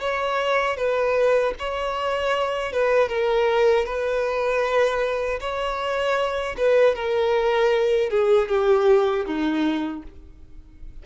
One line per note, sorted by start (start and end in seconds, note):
0.00 0.77 C#5
0.77 1.54 B4
1.59 2.72 C#5
2.72 3.09 B4
3.09 3.86 A#4
3.86 5.40 B4
5.41 6.56 C#5
6.58 6.95 B4
6.95 8.10 A#4
8.10 8.49 G#4
8.49 9.26 G4
9.26 10.03 D#4